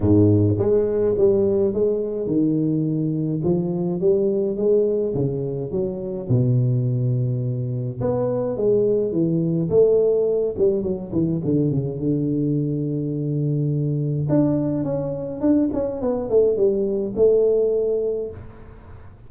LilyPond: \new Staff \with { instrumentName = "tuba" } { \time 4/4 \tempo 4 = 105 gis,4 gis4 g4 gis4 | dis2 f4 g4 | gis4 cis4 fis4 b,4~ | b,2 b4 gis4 |
e4 a4. g8 fis8 e8 | d8 cis8 d2.~ | d4 d'4 cis'4 d'8 cis'8 | b8 a8 g4 a2 | }